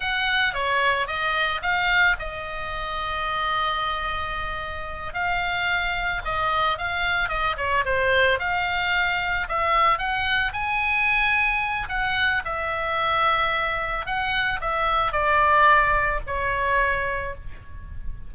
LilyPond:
\new Staff \with { instrumentName = "oboe" } { \time 4/4 \tempo 4 = 111 fis''4 cis''4 dis''4 f''4 | dis''1~ | dis''4. f''2 dis''8~ | dis''8 f''4 dis''8 cis''8 c''4 f''8~ |
f''4. e''4 fis''4 gis''8~ | gis''2 fis''4 e''4~ | e''2 fis''4 e''4 | d''2 cis''2 | }